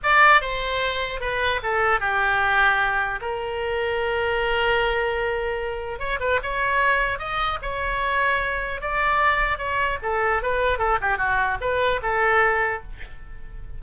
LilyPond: \new Staff \with { instrumentName = "oboe" } { \time 4/4 \tempo 4 = 150 d''4 c''2 b'4 | a'4 g'2. | ais'1~ | ais'2. cis''8 b'8 |
cis''2 dis''4 cis''4~ | cis''2 d''2 | cis''4 a'4 b'4 a'8 g'8 | fis'4 b'4 a'2 | }